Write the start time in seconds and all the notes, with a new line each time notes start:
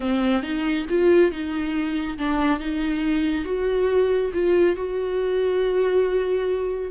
0.00 C4
0.42 D#4
0.89 F4
1.31 D#4
2.18 D4
2.59 D#4
3.45 F#4
4.33 F4
4.76 F#4